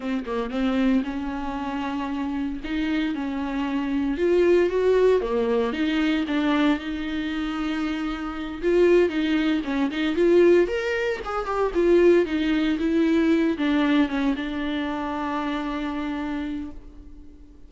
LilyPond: \new Staff \with { instrumentName = "viola" } { \time 4/4 \tempo 4 = 115 c'8 ais8 c'4 cis'2~ | cis'4 dis'4 cis'2 | f'4 fis'4 ais4 dis'4 | d'4 dis'2.~ |
dis'8 f'4 dis'4 cis'8 dis'8 f'8~ | f'8 ais'4 gis'8 g'8 f'4 dis'8~ | dis'8 e'4. d'4 cis'8 d'8~ | d'1 | }